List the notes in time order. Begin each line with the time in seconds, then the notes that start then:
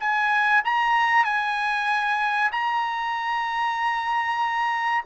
0.00 G#5
0.65 A#5
1.25 G#5
2.52 A#5